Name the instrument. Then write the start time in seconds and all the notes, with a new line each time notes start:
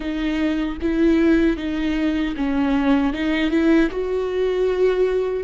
viola
0.00 D#4
0.81 E4
1.56 D#4
2.36 C#4
3.13 D#4
3.50 E4
3.90 F#4